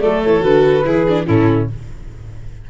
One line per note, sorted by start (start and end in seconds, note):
0.00 0.25 F#3
0.00 0.40 A3
0.00 0.85 A4
0.00 0.21 D5
0.22 0.43 E3
0.22 0.43 C#5
0.40 0.85 D3
0.40 0.82 F#4
0.40 1.27 B4
0.84 1.27 E3
0.84 1.05 E4
0.84 1.26 G#4
1.08 1.26 D4
1.26 1.70 A2
1.26 1.68 C#4
1.26 1.68 E4
1.26 1.69 A4